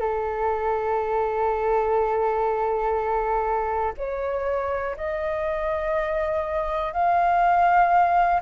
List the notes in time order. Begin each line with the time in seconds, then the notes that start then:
0.00 A4
3.98 C#5
4.97 D#5
6.93 F5